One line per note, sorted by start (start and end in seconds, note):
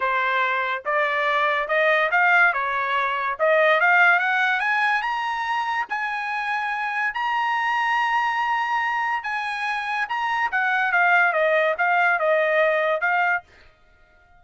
0.00 0.83 C5
0.85 1.68 D5
1.68 2.10 D#5
2.11 2.53 F5
2.53 3.37 C#5
3.39 3.80 D#5
3.80 4.19 F5
4.19 4.60 F#5
4.60 5.02 G#5
5.02 5.86 A#5
5.89 7.13 G#5
7.13 9.23 A#5
9.23 10.07 G#5
10.08 10.50 A#5
10.51 10.91 F#5
10.91 11.32 F5
11.32 11.74 D#5
11.77 12.19 F5
12.19 13.00 D#5
13.00 13.42 F5